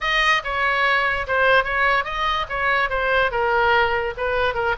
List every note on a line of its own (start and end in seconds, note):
0.01 0.42 D#5
0.44 1.26 C#5
1.27 1.64 C5
1.64 2.04 C#5
2.04 2.45 D#5
2.49 2.89 C#5
2.89 3.31 C5
3.31 4.13 A#4
4.17 4.54 B4
4.54 4.75 A#4